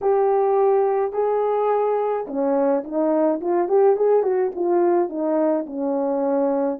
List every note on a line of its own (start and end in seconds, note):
0.01 1.12 G4
1.12 2.25 G#4
2.27 2.83 C#4
2.84 3.40 D#4
3.40 3.68 F4
3.68 3.96 G4
3.96 4.22 G#4
4.22 4.51 F#4
4.55 5.09 F4
5.09 5.65 D#4
5.66 6.79 C#4